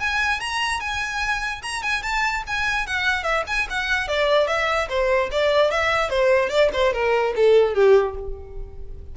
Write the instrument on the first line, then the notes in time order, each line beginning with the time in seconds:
violin
0.00 G#5
0.40 A#5
0.80 G#5
1.62 A#5
1.83 G#5
2.03 A5
2.47 G#5
2.87 F#5
3.23 E5
3.47 G#5
3.70 F#5
4.08 D5
4.47 E5
4.89 C5
5.31 D5
5.71 E5
6.10 C5
6.49 D5
6.73 C5
6.93 A#4
7.36 A4
7.74 G4